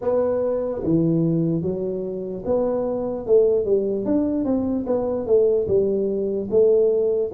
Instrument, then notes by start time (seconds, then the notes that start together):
tuba
0.01 B3
0.83 E3
1.62 F#3
2.45 B3
3.26 A3
3.65 G3
4.05 D4
4.44 C4
4.86 B3
5.26 A3
5.68 G3
6.50 A3